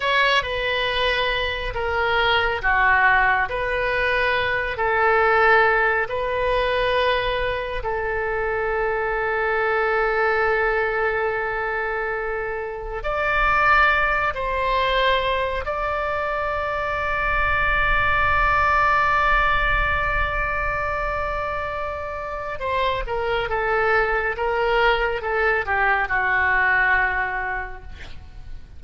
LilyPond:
\new Staff \with { instrumentName = "oboe" } { \time 4/4 \tempo 4 = 69 cis''8 b'4. ais'4 fis'4 | b'4. a'4. b'4~ | b'4 a'2.~ | a'2. d''4~ |
d''8 c''4. d''2~ | d''1~ | d''2 c''8 ais'8 a'4 | ais'4 a'8 g'8 fis'2 | }